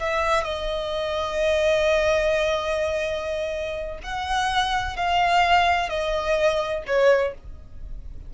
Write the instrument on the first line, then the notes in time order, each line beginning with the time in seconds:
violin
0.00 E5
0.44 D#5
4.04 F#5
4.96 F5
5.89 D#5
6.87 C#5